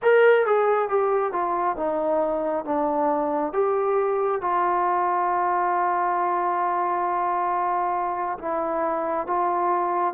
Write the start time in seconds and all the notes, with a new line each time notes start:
0.02 A#4
0.46 G#4
0.88 G4
1.32 F4
1.76 D#4
2.64 D4
3.53 G4
4.41 F4
8.38 E4
9.26 F4